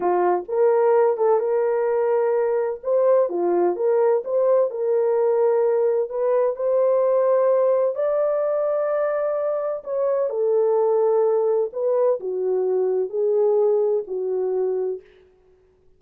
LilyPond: \new Staff \with { instrumentName = "horn" } { \time 4/4 \tempo 4 = 128 f'4 ais'4. a'8 ais'4~ | ais'2 c''4 f'4 | ais'4 c''4 ais'2~ | ais'4 b'4 c''2~ |
c''4 d''2.~ | d''4 cis''4 a'2~ | a'4 b'4 fis'2 | gis'2 fis'2 | }